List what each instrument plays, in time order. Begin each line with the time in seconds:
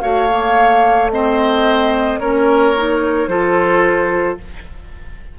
0.00 bassoon A3, clarinet F#4, oboe C#5, flute F5
0.28 clarinet A#3
1.10 clarinet C4, oboe C5, flute D#5
2.19 bassoon A#3, clarinet C#4, oboe A#4, flute C#5
2.76 clarinet D#4
3.27 bassoon F3, clarinet F4, oboe A4, flute C5